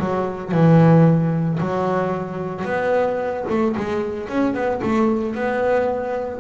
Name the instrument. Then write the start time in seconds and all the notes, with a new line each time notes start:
double bass
0.00 F#3
0.52 E3
1.60 F#3
2.65 B3
3.49 A3
3.77 G#3
4.29 C#4
4.54 B3
4.82 A3
5.35 B3